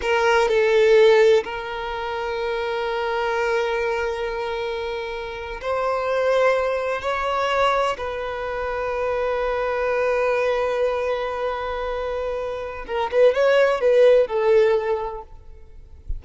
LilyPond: \new Staff \with { instrumentName = "violin" } { \time 4/4 \tempo 4 = 126 ais'4 a'2 ais'4~ | ais'1~ | ais'2.~ ais'8. c''16~ | c''2~ c''8. cis''4~ cis''16~ |
cis''8. b'2.~ b'16~ | b'1~ | b'2. ais'8 b'8 | cis''4 b'4 a'2 | }